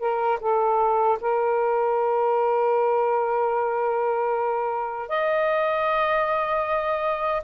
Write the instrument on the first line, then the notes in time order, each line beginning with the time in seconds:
saxophone
0.00 A#4
0.41 A4
1.21 A#4
5.09 D#5